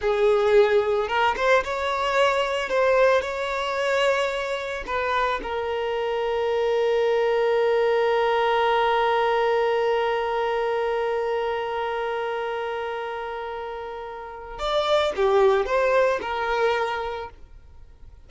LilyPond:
\new Staff \with { instrumentName = "violin" } { \time 4/4 \tempo 4 = 111 gis'2 ais'8 c''8 cis''4~ | cis''4 c''4 cis''2~ | cis''4 b'4 ais'2~ | ais'1~ |
ais'1~ | ais'1~ | ais'2. d''4 | g'4 c''4 ais'2 | }